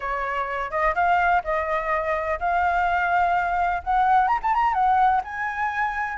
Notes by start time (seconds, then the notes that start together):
0.00 C#5
0.70 D#5
0.94 F5
1.44 D#5
2.39 F5
3.83 F#5
4.27 A#5
4.42 A5
4.54 A#5
4.73 F#5
5.24 G#5